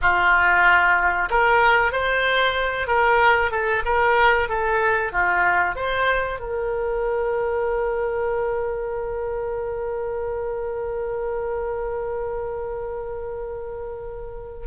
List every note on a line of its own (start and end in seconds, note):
0.01 1.29 F4
1.30 1.91 A#4
1.91 2.87 C5
2.87 3.51 A#4
3.51 3.83 A4
3.85 4.49 A#4
4.49 5.12 A4
5.12 5.75 F4
5.75 6.39 C5
6.39 14.66 A#4